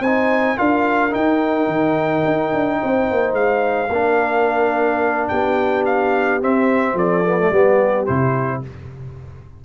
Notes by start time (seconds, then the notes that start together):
0.00 C4 C5 G#5
0.06 D#4
0.57 D4 F4 A#4 F5
1.10 D#4 G5
1.67 D#3
2.25 D#4
2.53 D4
2.81 C4 C5
3.10 A#3
3.33 G#3 F5
3.89 A#3 D4 A#4
5.28 B3 G4 G5
5.85 F5
6.41 C4 E5
6.94 F3 A4 D5
7.25 B3
7.39 A3
7.49 G3 B3 G4
8.06 C3 E4 C5